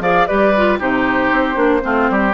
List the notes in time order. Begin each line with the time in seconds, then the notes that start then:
0.00 F3 G#4 D5 F5
0.27 G3 G4 B4 D5
0.56 F4
0.79 C3 D#4 G4 C5
1.31 C4
1.55 A#3 D4
1.81 A3 C4 F4
2.10 G3 G4